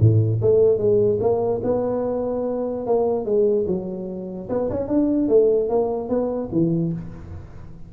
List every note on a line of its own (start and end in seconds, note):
0.00 0.41 A2
0.42 0.78 A3
0.78 1.19 G#3
1.20 1.61 A#3
1.64 2.86 B3
2.86 3.25 A#3
3.25 3.66 G#3
3.67 4.49 F#3
4.49 4.70 B3
4.70 4.88 C#4
4.88 5.29 D4
5.29 5.69 A3
5.69 6.09 A#3
6.09 6.50 B3
6.52 6.93 E3